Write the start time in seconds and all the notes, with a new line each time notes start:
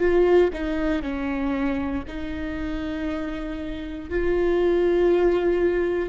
0.00 F4
0.53 D#4
1.03 C#4
2.08 D#4
4.10 F4